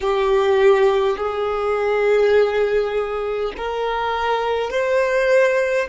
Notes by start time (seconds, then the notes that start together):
0.01 G4
1.17 G#4
3.57 A#4
4.70 C5